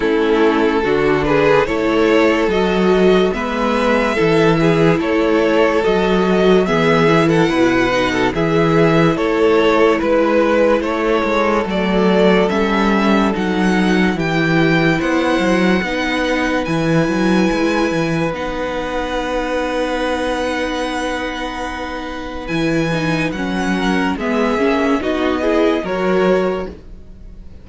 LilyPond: <<
  \new Staff \with { instrumentName = "violin" } { \time 4/4 \tempo 4 = 72 a'4. b'8 cis''4 dis''4 | e''2 cis''4 dis''4 | e''8. fis''4~ fis''16 e''4 cis''4 | b'4 cis''4 d''4 e''4 |
fis''4 g''4 fis''2 | gis''2 fis''2~ | fis''2. gis''4 | fis''4 e''4 dis''4 cis''4 | }
  \new Staff \with { instrumentName = "violin" } { \time 4/4 e'4 fis'8 gis'8 a'2 | b'4 a'8 gis'8 a'2 | gis'8. a'16 b'8. a'16 gis'4 a'4 | b'4 a'2.~ |
a'4 g'4 c''4 b'4~ | b'1~ | b'1~ | b'8 ais'8 gis'4 fis'8 gis'8 ais'4 | }
  \new Staff \with { instrumentName = "viola" } { \time 4/4 cis'4 d'4 e'4 fis'4 | b4 e'2 fis'4 | b8 e'4 dis'8 e'2~ | e'2 a4 cis'4 |
dis'4 e'2 dis'4 | e'2 dis'2~ | dis'2. e'8 dis'8 | cis'4 b8 cis'8 dis'8 e'8 fis'4 | }
  \new Staff \with { instrumentName = "cello" } { \time 4/4 a4 d4 a4 fis4 | gis4 e4 a4 fis4 | e4 b,4 e4 a4 | gis4 a8 gis8 fis4 g4 |
fis4 e4 b8 fis8 b4 | e8 fis8 gis8 e8 b2~ | b2. e4 | fis4 gis8 ais8 b4 fis4 | }
>>